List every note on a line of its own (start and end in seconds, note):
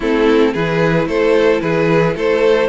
0.00 0.54 A3
0.00 0.55 C4
0.00 0.52 E4
0.00 0.53 A4
0.52 1.06 E3
0.52 2.69 E4
0.52 1.06 G#4
0.52 1.08 B4
1.06 1.60 A3
1.06 1.61 A4
1.06 1.60 C5
1.60 2.15 E3
1.60 2.15 G#4
1.60 2.14 B4
2.15 2.69 A3
2.15 2.69 A4
2.15 2.69 C5